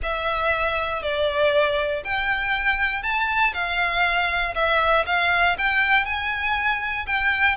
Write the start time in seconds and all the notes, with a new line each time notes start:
0.03 E5
1.02 D5
2.04 G5
3.02 A5
3.53 F5
4.54 E5
5.06 F5
5.58 G5
6.05 G#5
7.06 G5